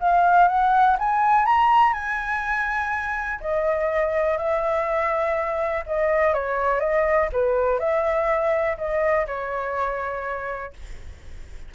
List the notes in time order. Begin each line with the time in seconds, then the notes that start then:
0.00 F5
0.48 F#5
0.99 G#5
1.46 A#5
1.94 G#5
3.41 D#5
4.38 E5
5.86 D#5
6.34 C#5
6.80 D#5
7.33 B4
7.80 E5
8.78 D#5
9.27 C#5